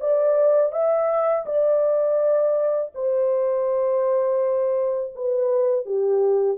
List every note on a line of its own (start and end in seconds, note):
0.00 0.72 D5
0.72 1.45 E5
1.46 2.92 D5
2.94 5.14 C5
5.15 5.85 B4
5.85 6.57 G4